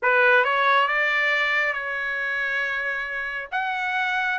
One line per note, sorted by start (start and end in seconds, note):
0.02 0.44 B4
0.44 0.88 C#5
0.88 1.73 D5
1.73 3.48 C#5
3.51 4.39 F#5